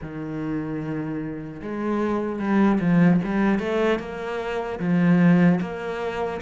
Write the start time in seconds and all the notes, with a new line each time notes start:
0.01 D#3
1.61 G#3
2.39 G3
2.80 F3
3.24 G3
3.59 A3
3.99 A#3
4.79 F3
5.60 A#3